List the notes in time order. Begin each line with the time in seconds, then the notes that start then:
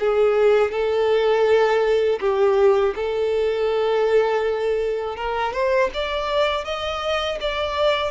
0.00 G#4
0.71 A4
2.20 G4
2.95 A4
5.16 A#4
5.53 C5
5.94 D5
6.65 D#5
7.40 D5